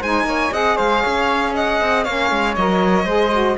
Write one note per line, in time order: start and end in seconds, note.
0.00 0.24 G#3
0.00 0.52 D#4
0.00 0.25 C5
0.00 0.53 G#5
0.24 0.49 A#3
0.24 0.52 C#5
0.52 0.77 C4
0.52 2.05 G#4
0.52 0.76 D#5
0.52 0.77 F#5
0.76 1.04 G#3
0.76 1.01 C5
0.76 1.53 F5
1.01 1.81 C#4
1.01 1.52 C#5
1.54 2.04 D#5
1.54 2.04 F#5
1.81 2.06 C4
2.04 2.31 A#3
2.04 2.58 C#4
2.04 3.05 C#5
2.04 2.54 F5
2.31 2.56 G#3
2.55 3.05 F#3
2.55 3.05 A#4
2.55 3.57 D#5
3.05 3.56 G#3
3.05 3.31 G#4
3.05 3.56 C5
3.32 3.58 F#4